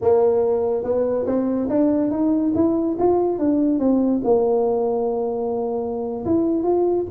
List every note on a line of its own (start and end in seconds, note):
0.01 0.83 A#3
0.83 1.26 B3
1.26 1.68 C4
1.69 2.10 D4
2.10 2.53 D#4
2.54 2.97 E4
2.99 3.38 F4
3.38 3.79 D4
3.79 4.21 C4
4.23 6.24 A#3
6.25 6.63 E4
6.63 7.05 F4